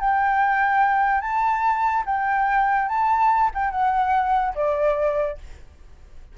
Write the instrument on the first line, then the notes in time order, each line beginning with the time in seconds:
flute
0.00 G5
1.22 A5
2.06 G5
2.89 A5
3.55 G5
3.71 F#5
4.55 D5